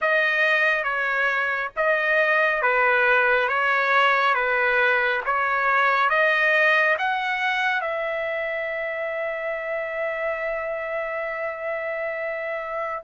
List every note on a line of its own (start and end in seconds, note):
0.01 0.83 D#5
0.83 1.70 C#5
1.76 2.62 D#5
2.62 3.48 B4
3.48 4.34 C#5
4.34 5.21 B4
5.25 6.09 C#5
6.09 6.96 D#5
6.98 7.81 F#5
7.81 13.02 E5